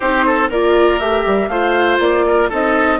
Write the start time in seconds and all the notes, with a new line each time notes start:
0.00 C4 D#4 G4 C5
0.26 A4
0.49 A#3 F4 A#4 D5
0.99 A3 G4 E5
1.26 G3
1.48 A3 F4 C5 F5
1.99 A#3 D5
2.26 A#4
2.49 C4 D#4 A4 D#5